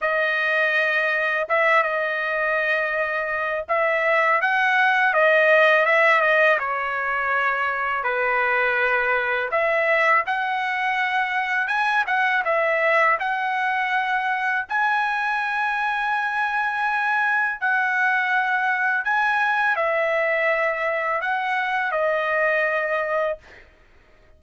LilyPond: \new Staff \with { instrumentName = "trumpet" } { \time 4/4 \tempo 4 = 82 dis''2 e''8 dis''4.~ | dis''4 e''4 fis''4 dis''4 | e''8 dis''8 cis''2 b'4~ | b'4 e''4 fis''2 |
gis''8 fis''8 e''4 fis''2 | gis''1 | fis''2 gis''4 e''4~ | e''4 fis''4 dis''2 | }